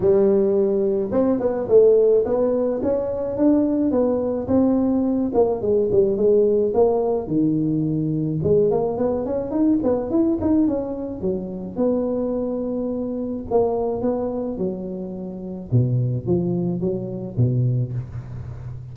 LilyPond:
\new Staff \with { instrumentName = "tuba" } { \time 4/4 \tempo 4 = 107 g2 c'8 b8 a4 | b4 cis'4 d'4 b4 | c'4. ais8 gis8 g8 gis4 | ais4 dis2 gis8 ais8 |
b8 cis'8 dis'8 b8 e'8 dis'8 cis'4 | fis4 b2. | ais4 b4 fis2 | b,4 f4 fis4 b,4 | }